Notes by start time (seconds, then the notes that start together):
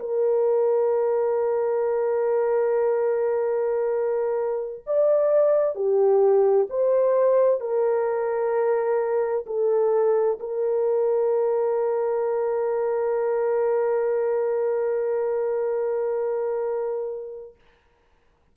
0.00 A#4
4.87 D5
5.75 G4
6.70 C5
7.61 A#4
9.47 A4
10.40 A#4